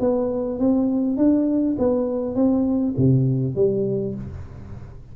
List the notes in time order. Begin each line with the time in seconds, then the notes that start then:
0.00 B3
0.59 C4
1.17 D4
1.78 B3
2.35 C4
2.97 C3
3.55 G3